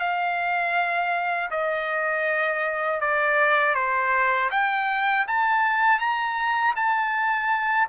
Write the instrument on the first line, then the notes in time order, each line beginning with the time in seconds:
trumpet
0.00 F5
1.50 D#5
3.00 D5
3.75 C5
4.51 G5
5.27 A5
5.99 A#5
6.76 A5